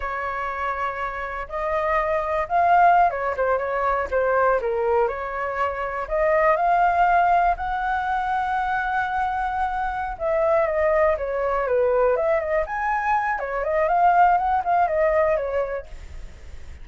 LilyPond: \new Staff \with { instrumentName = "flute" } { \time 4/4 \tempo 4 = 121 cis''2. dis''4~ | dis''4 f''4~ f''16 cis''8 c''8 cis''8.~ | cis''16 c''4 ais'4 cis''4.~ cis''16~ | cis''16 dis''4 f''2 fis''8.~ |
fis''1~ | fis''8 e''4 dis''4 cis''4 b'8~ | b'8 e''8 dis''8 gis''4. cis''8 dis''8 | f''4 fis''8 f''8 dis''4 cis''4 | }